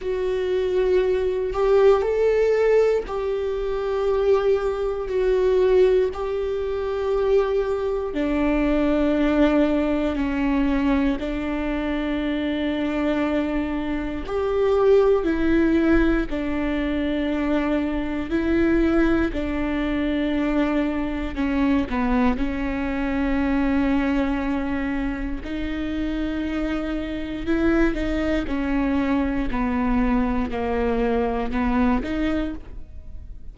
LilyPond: \new Staff \with { instrumentName = "viola" } { \time 4/4 \tempo 4 = 59 fis'4. g'8 a'4 g'4~ | g'4 fis'4 g'2 | d'2 cis'4 d'4~ | d'2 g'4 e'4 |
d'2 e'4 d'4~ | d'4 cis'8 b8 cis'2~ | cis'4 dis'2 e'8 dis'8 | cis'4 b4 ais4 b8 dis'8 | }